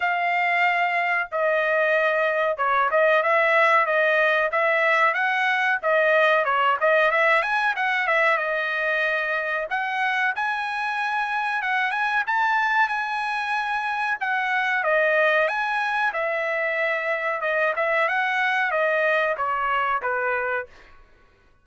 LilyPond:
\new Staff \with { instrumentName = "trumpet" } { \time 4/4 \tempo 4 = 93 f''2 dis''2 | cis''8 dis''8 e''4 dis''4 e''4 | fis''4 dis''4 cis''8 dis''8 e''8 gis''8 | fis''8 e''8 dis''2 fis''4 |
gis''2 fis''8 gis''8 a''4 | gis''2 fis''4 dis''4 | gis''4 e''2 dis''8 e''8 | fis''4 dis''4 cis''4 b'4 | }